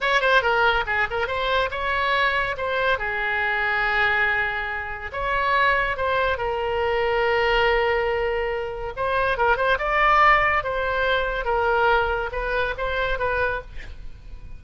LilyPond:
\new Staff \with { instrumentName = "oboe" } { \time 4/4 \tempo 4 = 141 cis''8 c''8 ais'4 gis'8 ais'8 c''4 | cis''2 c''4 gis'4~ | gis'1 | cis''2 c''4 ais'4~ |
ais'1~ | ais'4 c''4 ais'8 c''8 d''4~ | d''4 c''2 ais'4~ | ais'4 b'4 c''4 b'4 | }